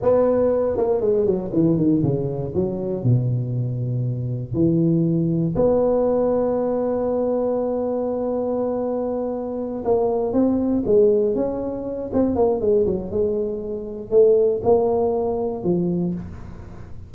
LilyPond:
\new Staff \with { instrumentName = "tuba" } { \time 4/4 \tempo 4 = 119 b4. ais8 gis8 fis8 e8 dis8 | cis4 fis4 b,2~ | b,4 e2 b4~ | b1~ |
b2.~ b8 ais8~ | ais8 c'4 gis4 cis'4. | c'8 ais8 gis8 fis8 gis2 | a4 ais2 f4 | }